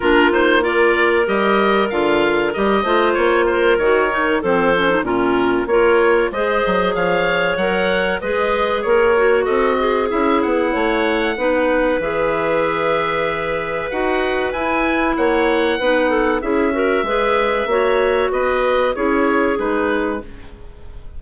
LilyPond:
<<
  \new Staff \with { instrumentName = "oboe" } { \time 4/4 \tempo 4 = 95 ais'8 c''8 d''4 dis''4 f''4 | dis''4 cis''8 c''8 cis''4 c''4 | ais'4 cis''4 dis''4 f''4 | fis''4 dis''4 cis''4 dis''4 |
e''8 fis''2~ fis''8 e''4~ | e''2 fis''4 gis''4 | fis''2 e''2~ | e''4 dis''4 cis''4 b'4 | }
  \new Staff \with { instrumentName = "clarinet" } { \time 4/4 f'4 ais'2.~ | ais'8 c''4 ais'4. a'4 | f'4 ais'4 c''4 cis''4~ | cis''4 b'4 ais'4 a'8 gis'8~ |
gis'4 cis''4 b'2~ | b'1 | cis''4 b'8 a'8 gis'8 ais'8 b'4 | cis''4 b'4 gis'2 | }
  \new Staff \with { instrumentName = "clarinet" } { \time 4/4 d'8 dis'8 f'4 g'4 f'4 | g'8 f'4. fis'8 dis'8 c'8 cis'16 dis'16 | cis'4 f'4 gis'2 | ais'4 gis'4. fis'4. |
e'2 dis'4 gis'4~ | gis'2 fis'4 e'4~ | e'4 dis'4 e'8 fis'8 gis'4 | fis'2 e'4 dis'4 | }
  \new Staff \with { instrumentName = "bassoon" } { \time 4/4 ais2 g4 d4 | g8 a8 ais4 dis4 f4 | ais,4 ais4 gis8 fis8 f4 | fis4 gis4 ais4 c'4 |
cis'8 b8 a4 b4 e4~ | e2 dis'4 e'4 | ais4 b4 cis'4 gis4 | ais4 b4 cis'4 gis4 | }
>>